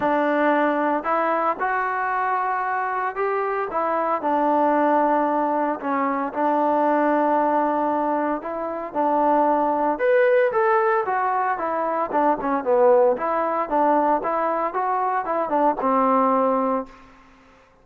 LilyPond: \new Staff \with { instrumentName = "trombone" } { \time 4/4 \tempo 4 = 114 d'2 e'4 fis'4~ | fis'2 g'4 e'4 | d'2. cis'4 | d'1 |
e'4 d'2 b'4 | a'4 fis'4 e'4 d'8 cis'8 | b4 e'4 d'4 e'4 | fis'4 e'8 d'8 c'2 | }